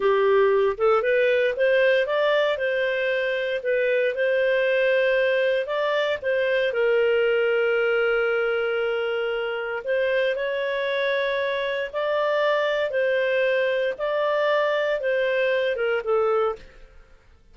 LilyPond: \new Staff \with { instrumentName = "clarinet" } { \time 4/4 \tempo 4 = 116 g'4. a'8 b'4 c''4 | d''4 c''2 b'4 | c''2. d''4 | c''4 ais'2.~ |
ais'2. c''4 | cis''2. d''4~ | d''4 c''2 d''4~ | d''4 c''4. ais'8 a'4 | }